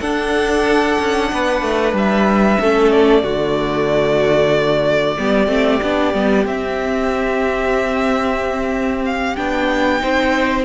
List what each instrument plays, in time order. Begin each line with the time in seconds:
0.00 cello D4, viola D4, violin A4 F#5
1.00 cello C#4
1.32 cello B3, violin B4
1.62 cello A3
1.93 cello G3, violin E5
2.61 cello A3, viola C#4, violin A4
2.92 violin D5
3.23 cello D3, viola A3, violin F#4
5.18 cello G3, viola B3, violin G4
5.47 cello A3, viola C4
5.83 cello B3, viola D4
6.14 cello G3, viola B3
6.46 cello C4, viola C4, violin E5
9.05 violin F5
9.37 cello B3, viola D4, violin G5
10.00 cello C4, viola D#4, violin C5